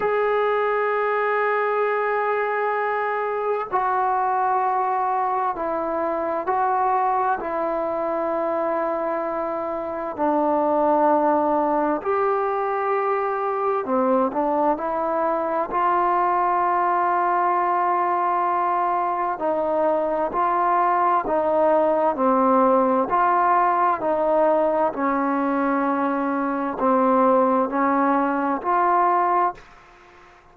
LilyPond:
\new Staff \with { instrumentName = "trombone" } { \time 4/4 \tempo 4 = 65 gis'1 | fis'2 e'4 fis'4 | e'2. d'4~ | d'4 g'2 c'8 d'8 |
e'4 f'2.~ | f'4 dis'4 f'4 dis'4 | c'4 f'4 dis'4 cis'4~ | cis'4 c'4 cis'4 f'4 | }